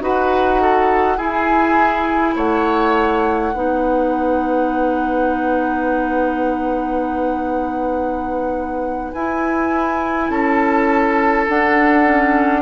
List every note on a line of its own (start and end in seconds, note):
0.00 1.17 D#4
0.00 1.18 F#4
0.00 0.61 B4
0.00 1.18 F#5
0.61 1.17 A4
1.17 2.35 E4
1.17 3.54 E4
1.17 2.34 G#4
1.17 2.36 G#5
2.36 3.53 A3
2.36 3.53 C#5
2.36 9.12 F#5
3.53 9.12 B3
3.53 9.13 D#4
3.53 10.30 B4
9.12 10.30 E4
9.12 11.48 E4
9.12 10.30 G#5
10.30 11.47 C#4
10.30 12.62 A4
10.30 11.48 A5
11.48 12.05 D4
11.48 12.62 D4
11.48 12.62 F#5
12.05 12.62 C#4